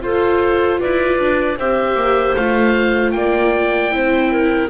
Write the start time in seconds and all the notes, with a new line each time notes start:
0.00 F4 A4 C5
0.80 E4 B4 D5
1.19 D4
1.57 C4 G4 C5 E5
1.96 A#3
2.36 A3 F4 F5
3.11 A#3 D5 G5
3.91 C4 E4 C5
4.31 A#4